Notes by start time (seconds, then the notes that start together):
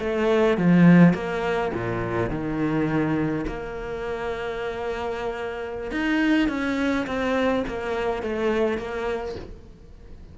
0.00 A3
0.58 F3
1.15 A#3
1.74 A#2
2.31 D#3
3.47 A#3
5.92 D#4
6.49 C#4
7.07 C4
7.68 A#3
8.23 A3
8.78 A#3